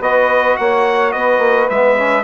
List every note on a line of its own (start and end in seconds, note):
0.00 0.56 B3
0.00 1.71 F#4
0.00 0.58 B4
0.00 0.57 D#5
0.57 1.14 A#3
0.57 1.12 C#5
0.57 1.12 F#5
1.12 1.38 B3
1.12 2.23 B4
1.12 1.68 D#5
1.38 1.66 A#3
1.70 2.23 G#3
1.70 1.97 B3
1.70 2.23 E5
1.97 2.23 C#4